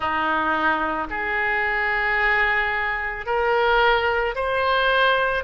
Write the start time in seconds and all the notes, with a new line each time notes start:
0.00 D#4
1.10 G#4
3.25 A#4
4.35 C5